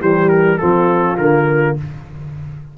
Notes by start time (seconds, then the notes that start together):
0.00 E3 G3 G4 C5
0.29 A#4
0.58 F3 C4 F4 A4
1.17 D3 A#3 A#4